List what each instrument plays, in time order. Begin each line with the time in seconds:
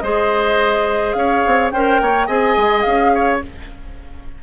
0.00 bassoon G#3, clarinet G#4, oboe C5, flute D#5
1.13 bassoon C#4, oboe C#5, flute F5
1.47 bassoon C4
1.71 bassoon C#4, clarinet A#4, oboe C5, flute G5
2.02 bassoon A#3, oboe C#5
2.27 bassoon C4, clarinet G#4, oboe D#5, flute G#5
2.57 bassoon G#3
2.82 bassoon C#4, flute F5
3.15 oboe C#5